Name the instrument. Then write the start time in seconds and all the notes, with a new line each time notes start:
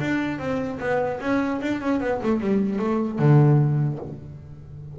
double bass
0.00 D4
0.39 C4
0.79 B3
1.21 C#4
1.61 D4
1.81 C#4
2.01 B3
2.23 A3
2.40 G3
2.79 A3
3.19 D3